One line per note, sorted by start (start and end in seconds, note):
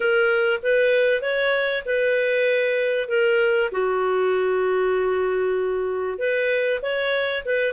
0.00 0.60 A#4
0.62 1.21 B4
1.21 1.83 C#5
1.85 3.08 B4
3.08 3.70 A#4
3.71 6.18 F#4
6.18 6.80 B4
6.82 7.43 C#5
7.45 7.73 B4